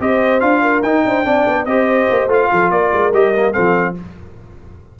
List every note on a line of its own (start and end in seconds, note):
0.00 0.42 C4
0.00 0.41 G4
0.00 0.62 C5
0.00 0.40 D#5
0.40 0.83 D4
0.40 0.83 F4
0.40 0.82 F5
0.62 1.04 A#4
0.83 1.04 D#4
0.83 1.25 D#4
0.83 1.66 G5
1.05 1.24 D4
1.05 1.26 C5
1.24 1.45 C4
1.24 1.66 D4
1.24 1.67 D5
1.47 1.66 B3
1.66 2.07 C4
1.66 2.29 G4
1.66 2.50 C5
1.66 2.28 D#5
2.10 2.27 A#3
2.27 2.48 A3
2.27 3.13 F4
2.27 2.71 F5
2.51 2.71 F3
2.51 2.72 A4
2.71 2.92 A#3
2.71 3.53 A#4
2.71 3.13 D5
2.93 3.13 G#3
3.13 3.54 G3
3.13 3.35 G4
3.13 3.53 D#5
3.36 3.53 A#3
3.53 4.00 F3
3.53 3.95 C4
3.53 3.95 A4
3.53 3.95 F5